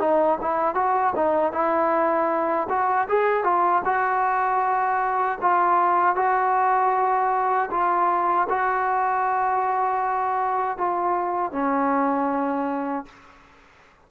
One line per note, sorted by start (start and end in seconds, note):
0.00 0.38 D#4
0.41 0.75 E4
0.75 1.14 F#4
1.16 1.52 D#4
1.52 2.68 E4
2.70 3.08 F#4
3.09 3.44 G#4
3.44 3.82 F4
3.85 5.39 F#4
5.41 6.16 F4
6.16 7.70 F#4
7.71 8.48 F4
8.49 10.78 F#4
10.78 11.52 F4
11.52 13.06 C#4